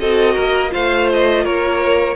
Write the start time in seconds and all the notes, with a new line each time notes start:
0.00 C4 F#4 A4 D#5
0.35 A#3 A#4
0.70 A3 F4 C5 F5
1.14 D#5
1.44 A#3 A#4 C#5